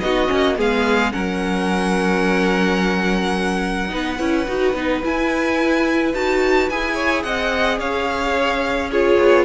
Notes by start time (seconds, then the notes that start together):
0.00 B3 D#4 F#4 D#5
0.27 A#3 C#4
0.57 G#3 B3 G#4 F5
1.12 F#3 C#4 A#4 F#5
3.89 B3 D#4 B4
4.19 C#4 E4
4.48 D#4 F#4
4.74 B3 D#4
5.03 E4 G#5
6.14 D#4 F#4 A5
6.70 E4 G#4 G#5
6.95 C#5
7.23 C4 D#5 F#5
7.79 C#4 C#5 F5
8.91 F4 G#4 C#5
9.19 B3